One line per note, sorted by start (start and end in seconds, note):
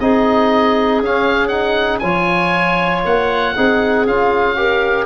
0.00 1.01 C4
0.00 1.03 D#4
0.00 2.02 G#4
0.00 1.02 D#5
1.01 2.03 C#4
1.01 1.51 C#4
1.01 1.48 F5
1.48 2.02 D#4
1.48 1.99 F#5
1.99 3.04 F3
1.99 3.56 F4
1.99 3.55 C#5
1.99 3.01 G#5
3.05 3.56 A#3
3.05 4.07 F#5
3.55 4.06 C4
3.55 4.06 D#4
3.55 4.57 G#4
4.06 5.06 C#4
4.06 4.56 F4
4.06 5.06 F5
4.56 5.06 G4
4.56 5.06 A#4